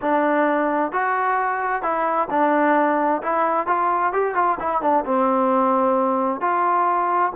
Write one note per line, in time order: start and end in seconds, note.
0.01 0.91 D4
0.91 1.82 F#4
1.82 2.28 E4
2.30 3.21 D4
3.22 3.66 E4
3.66 4.12 F4
4.12 4.34 G4
4.34 4.57 F4
4.59 4.81 E4
4.81 5.04 D4
5.05 6.41 C4
6.41 7.32 F4